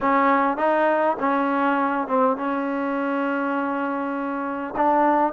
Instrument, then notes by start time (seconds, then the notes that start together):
trombone
0.00 C#4
0.57 D#4
1.19 C#4
2.07 C4
2.36 C#4
4.76 D4